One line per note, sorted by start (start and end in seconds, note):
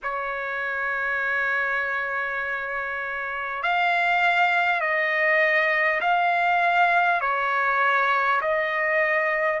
0.02 3.62 C#5
3.63 4.80 F5
4.80 6.00 D#5
6.00 7.20 F5
7.20 8.40 C#5
8.41 9.60 D#5